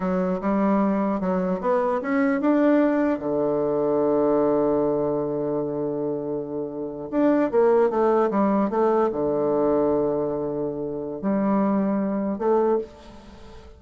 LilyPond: \new Staff \with { instrumentName = "bassoon" } { \time 4/4 \tempo 4 = 150 fis4 g2 fis4 | b4 cis'4 d'2 | d1~ | d1~ |
d4.~ d16 d'4 ais4 a16~ | a8. g4 a4 d4~ d16~ | d1 | g2. a4 | }